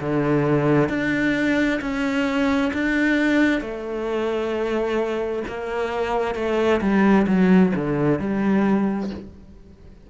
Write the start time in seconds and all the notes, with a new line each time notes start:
0.00 D3
0.89 D4
1.81 C#4
2.73 D4
3.61 A3
5.48 A#3
6.35 A3
6.81 G3
7.27 F#3
7.75 D3
8.19 G3